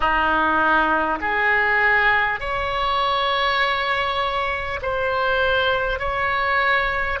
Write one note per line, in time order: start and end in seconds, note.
0.00 1.18 D#4
1.21 2.39 G#4
2.39 4.79 C#5
4.82 5.99 C5
5.99 7.19 C#5